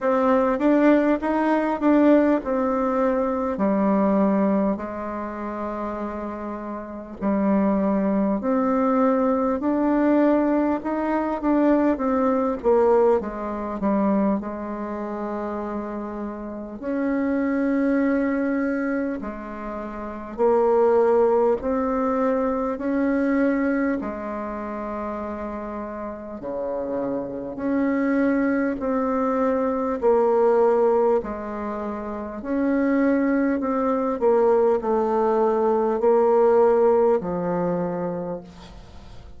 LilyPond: \new Staff \with { instrumentName = "bassoon" } { \time 4/4 \tempo 4 = 50 c'8 d'8 dis'8 d'8 c'4 g4 | gis2 g4 c'4 | d'4 dis'8 d'8 c'8 ais8 gis8 g8 | gis2 cis'2 |
gis4 ais4 c'4 cis'4 | gis2 cis4 cis'4 | c'4 ais4 gis4 cis'4 | c'8 ais8 a4 ais4 f4 | }